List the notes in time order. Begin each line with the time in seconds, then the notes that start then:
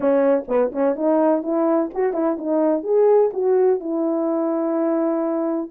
0.00 C#4
0.47 B3
0.71 C#4
0.95 D#4
1.42 E4
1.94 F#4
2.13 E4
2.38 D#4
2.83 G#4
3.33 F#4
3.79 E4